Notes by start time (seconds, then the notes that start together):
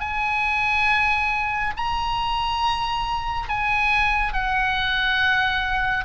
0.00 G#5
1.77 A#5
3.49 G#5
4.33 F#5